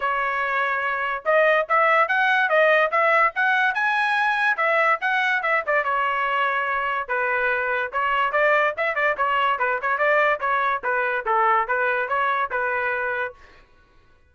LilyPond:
\new Staff \with { instrumentName = "trumpet" } { \time 4/4 \tempo 4 = 144 cis''2. dis''4 | e''4 fis''4 dis''4 e''4 | fis''4 gis''2 e''4 | fis''4 e''8 d''8 cis''2~ |
cis''4 b'2 cis''4 | d''4 e''8 d''8 cis''4 b'8 cis''8 | d''4 cis''4 b'4 a'4 | b'4 cis''4 b'2 | }